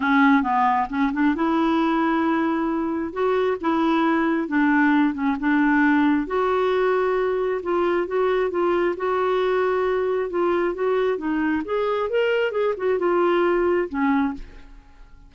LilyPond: \new Staff \with { instrumentName = "clarinet" } { \time 4/4 \tempo 4 = 134 cis'4 b4 cis'8 d'8 e'4~ | e'2. fis'4 | e'2 d'4. cis'8 | d'2 fis'2~ |
fis'4 f'4 fis'4 f'4 | fis'2. f'4 | fis'4 dis'4 gis'4 ais'4 | gis'8 fis'8 f'2 cis'4 | }